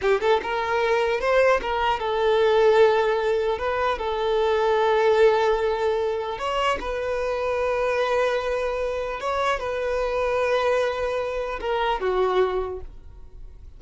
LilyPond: \new Staff \with { instrumentName = "violin" } { \time 4/4 \tempo 4 = 150 g'8 a'8 ais'2 c''4 | ais'4 a'2.~ | a'4 b'4 a'2~ | a'1 |
cis''4 b'2.~ | b'2. cis''4 | b'1~ | b'4 ais'4 fis'2 | }